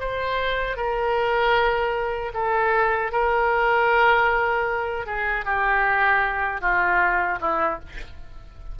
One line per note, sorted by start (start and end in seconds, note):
0.00 0.77 C5
0.77 2.33 A#4
2.34 3.12 A4
3.12 5.06 A#4
5.06 5.45 G#4
5.45 6.61 G4
6.61 7.39 F4
7.41 7.80 E4